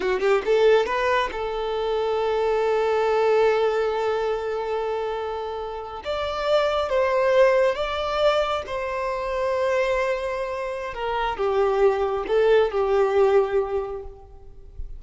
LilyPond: \new Staff \with { instrumentName = "violin" } { \time 4/4 \tempo 4 = 137 fis'8 g'8 a'4 b'4 a'4~ | a'1~ | a'1~ | a'4.~ a'16 d''2 c''16~ |
c''4.~ c''16 d''2 c''16~ | c''1~ | c''4 ais'4 g'2 | a'4 g'2. | }